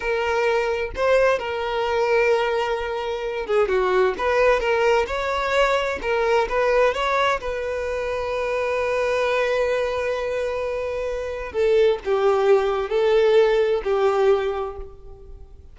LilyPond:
\new Staff \with { instrumentName = "violin" } { \time 4/4 \tempo 4 = 130 ais'2 c''4 ais'4~ | ais'2.~ ais'8 gis'8 | fis'4 b'4 ais'4 cis''4~ | cis''4 ais'4 b'4 cis''4 |
b'1~ | b'1~ | b'4 a'4 g'2 | a'2 g'2 | }